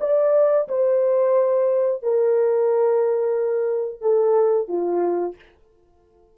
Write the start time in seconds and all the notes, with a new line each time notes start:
0.00 D5
0.68 C5
2.03 A#4
4.01 A4
4.68 F4